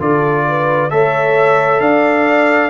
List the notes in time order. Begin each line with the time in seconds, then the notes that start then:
0.00 D3 F4 A4 D5
0.48 B4
0.91 A3 A4 C#5 E5
1.81 D4 D5 F5